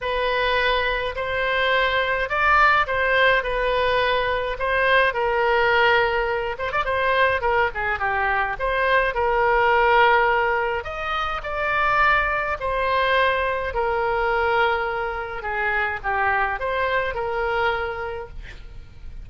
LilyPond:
\new Staff \with { instrumentName = "oboe" } { \time 4/4 \tempo 4 = 105 b'2 c''2 | d''4 c''4 b'2 | c''4 ais'2~ ais'8 c''16 d''16 | c''4 ais'8 gis'8 g'4 c''4 |
ais'2. dis''4 | d''2 c''2 | ais'2. gis'4 | g'4 c''4 ais'2 | }